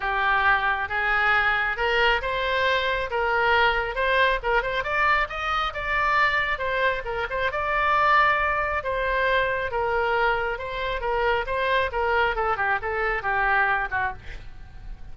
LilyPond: \new Staff \with { instrumentName = "oboe" } { \time 4/4 \tempo 4 = 136 g'2 gis'2 | ais'4 c''2 ais'4~ | ais'4 c''4 ais'8 c''8 d''4 | dis''4 d''2 c''4 |
ais'8 c''8 d''2. | c''2 ais'2 | c''4 ais'4 c''4 ais'4 | a'8 g'8 a'4 g'4. fis'8 | }